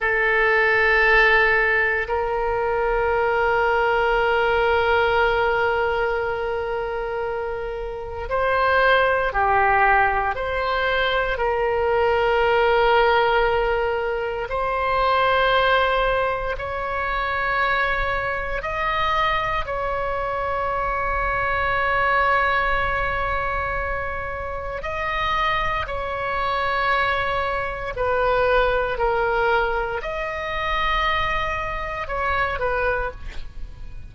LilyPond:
\new Staff \with { instrumentName = "oboe" } { \time 4/4 \tempo 4 = 58 a'2 ais'2~ | ais'1 | c''4 g'4 c''4 ais'4~ | ais'2 c''2 |
cis''2 dis''4 cis''4~ | cis''1 | dis''4 cis''2 b'4 | ais'4 dis''2 cis''8 b'8 | }